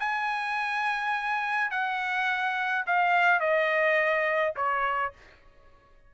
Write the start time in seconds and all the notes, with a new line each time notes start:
0.00 G#5
1.71 F#5
2.87 F5
3.40 D#5
4.56 C#5